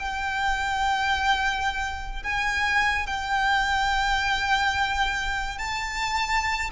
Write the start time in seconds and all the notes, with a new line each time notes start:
0.00 G5
2.24 G#5
3.07 G5
5.59 A5